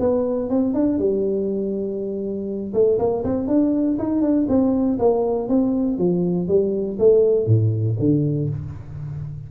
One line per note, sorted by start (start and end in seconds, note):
0.00 0.50 B3
0.50 0.74 C4
0.74 0.99 D4
0.99 2.74 G3
2.74 2.99 A3
2.99 3.24 A#3
3.24 3.48 C4
3.48 3.98 D4
3.99 4.22 D#4
4.22 4.47 D4
4.49 4.99 C4
4.99 5.49 A#3
5.49 5.99 C4
5.99 6.49 F3
6.49 6.99 G3
6.99 7.47 A3
7.47 7.97 A2
8.00 8.50 D3